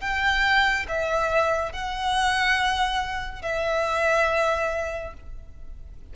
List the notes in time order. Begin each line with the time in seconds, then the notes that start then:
0.00 G5
0.88 E5
1.72 F#5
3.42 E5